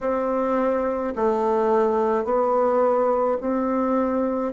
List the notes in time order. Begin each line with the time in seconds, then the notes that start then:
0.00 C4
1.15 A3
2.24 B3
3.41 C4